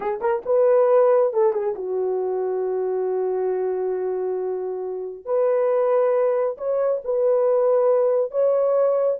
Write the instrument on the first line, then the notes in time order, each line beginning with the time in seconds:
horn
0.00 G#4
0.21 A#4
0.45 B4
1.33 A4
1.52 G#4
1.75 F#4
5.25 B4
6.57 C#5
7.04 B4
8.31 C#5